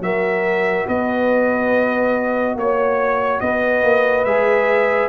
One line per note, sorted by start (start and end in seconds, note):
0.00 0.85 F#3
0.00 4.25 F#4
0.00 0.88 A#4
0.00 0.87 E5
0.88 2.56 B3
0.88 2.57 B4
0.88 2.58 D#5
2.56 3.40 A#3
2.56 3.40 C#5
2.56 3.43 C#5
3.40 3.83 B3
3.40 5.10 B4
3.40 4.25 D#5
3.83 4.25 A#3
4.25 5.09 G#3
4.25 5.10 G#4
4.25 5.09 E5